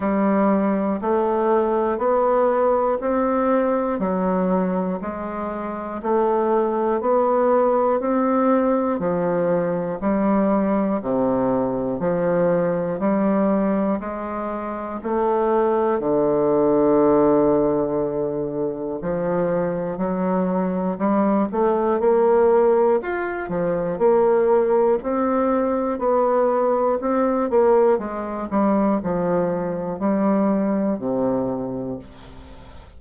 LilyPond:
\new Staff \with { instrumentName = "bassoon" } { \time 4/4 \tempo 4 = 60 g4 a4 b4 c'4 | fis4 gis4 a4 b4 | c'4 f4 g4 c4 | f4 g4 gis4 a4 |
d2. f4 | fis4 g8 a8 ais4 f'8 f8 | ais4 c'4 b4 c'8 ais8 | gis8 g8 f4 g4 c4 | }